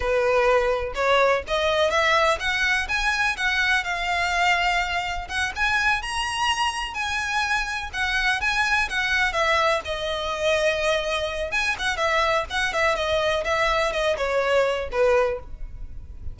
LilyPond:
\new Staff \with { instrumentName = "violin" } { \time 4/4 \tempo 4 = 125 b'2 cis''4 dis''4 | e''4 fis''4 gis''4 fis''4 | f''2. fis''8 gis''8~ | gis''8 ais''2 gis''4.~ |
gis''8 fis''4 gis''4 fis''4 e''8~ | e''8 dis''2.~ dis''8 | gis''8 fis''8 e''4 fis''8 e''8 dis''4 | e''4 dis''8 cis''4. b'4 | }